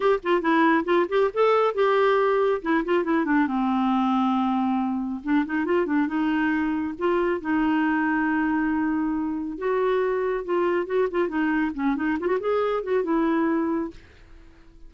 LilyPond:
\new Staff \with { instrumentName = "clarinet" } { \time 4/4 \tempo 4 = 138 g'8 f'8 e'4 f'8 g'8 a'4 | g'2 e'8 f'8 e'8 d'8 | c'1 | d'8 dis'8 f'8 d'8 dis'2 |
f'4 dis'2.~ | dis'2 fis'2 | f'4 fis'8 f'8 dis'4 cis'8 dis'8 | f'16 fis'16 gis'4 fis'8 e'2 | }